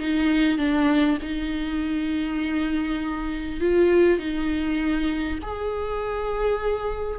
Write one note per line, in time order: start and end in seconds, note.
0.00 0.58 D#4
0.58 1.18 D4
1.22 3.61 D#4
3.61 4.19 F4
4.19 5.39 D#4
5.43 7.19 G#4